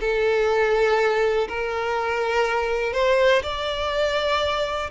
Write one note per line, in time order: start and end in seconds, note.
0.00 1.48 A4
1.48 2.93 A#4
2.93 3.42 C5
3.42 4.90 D5